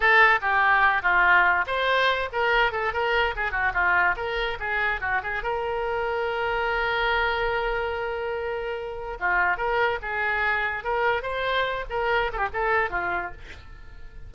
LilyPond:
\new Staff \with { instrumentName = "oboe" } { \time 4/4 \tempo 4 = 144 a'4 g'4. f'4. | c''4. ais'4 a'8 ais'4 | gis'8 fis'8 f'4 ais'4 gis'4 | fis'8 gis'8 ais'2.~ |
ais'1~ | ais'2 f'4 ais'4 | gis'2 ais'4 c''4~ | c''8 ais'4 a'16 g'16 a'4 f'4 | }